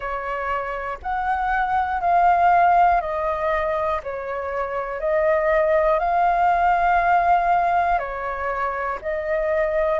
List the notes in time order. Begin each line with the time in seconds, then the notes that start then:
0.00 C#5
1.02 F#5
2.00 F5
3.00 D#5
4.03 C#5
5.00 D#5
5.99 F5
7.98 C#5
9.01 D#5